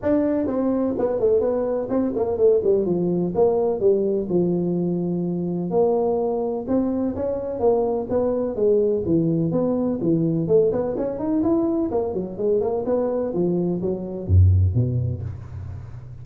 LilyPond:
\new Staff \with { instrumentName = "tuba" } { \time 4/4 \tempo 4 = 126 d'4 c'4 b8 a8 b4 | c'8 ais8 a8 g8 f4 ais4 | g4 f2. | ais2 c'4 cis'4 |
ais4 b4 gis4 e4 | b4 e4 a8 b8 cis'8 dis'8 | e'4 ais8 fis8 gis8 ais8 b4 | f4 fis4 fis,4 b,4 | }